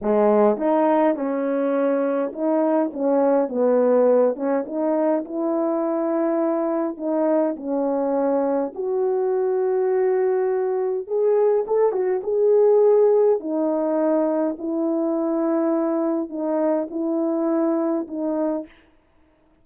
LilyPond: \new Staff \with { instrumentName = "horn" } { \time 4/4 \tempo 4 = 103 gis4 dis'4 cis'2 | dis'4 cis'4 b4. cis'8 | dis'4 e'2. | dis'4 cis'2 fis'4~ |
fis'2. gis'4 | a'8 fis'8 gis'2 dis'4~ | dis'4 e'2. | dis'4 e'2 dis'4 | }